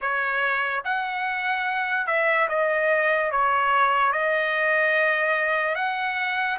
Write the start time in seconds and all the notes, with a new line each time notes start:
0.01 C#5
0.84 F#5
2.07 E5
2.48 D#5
3.31 C#5
4.12 D#5
5.75 F#5